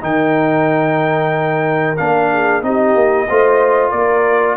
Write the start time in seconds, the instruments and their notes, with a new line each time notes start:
0.00 tuba D#3, trombone D#4, horn A#4, trumpet G5
1.97 tuba A#3, trombone D4, trumpet F5
2.32 horn G#4
2.62 tuba C4, trombone D#4, horn G4, trumpet D#5
2.94 tuba A#3
3.28 tuba A3, trombone F4, horn C5
3.90 tuba A#3, horn A#4, trumpet D5